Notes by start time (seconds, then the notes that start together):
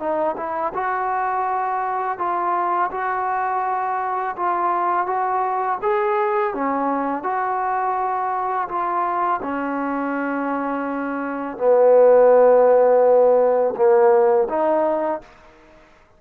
0.00 D#4
0.37 E4
0.74 F#4
2.19 F4
2.91 F#4
4.37 F4
5.07 F#4
5.83 G#4
6.54 C#4
7.24 F#4
8.69 F4
9.43 C#4
11.58 B3
13.76 A#3
14.49 D#4